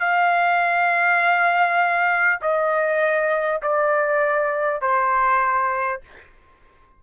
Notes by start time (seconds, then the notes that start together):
0.00 F5
2.42 D#5
3.63 D5
4.82 C5